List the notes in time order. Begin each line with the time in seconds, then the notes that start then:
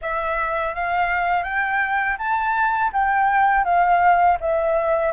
0.01 E5
0.74 F5
1.43 G5
2.18 A5
2.92 G5
3.64 F5
4.40 E5